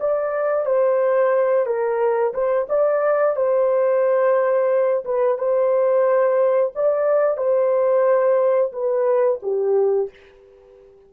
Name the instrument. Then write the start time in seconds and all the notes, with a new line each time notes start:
horn
0.00 D5
0.66 C5
1.66 A#4
2.34 C5
2.69 D5
3.36 C5
5.05 B4
5.38 C5
6.75 D5
7.37 C5
8.72 B4
9.42 G4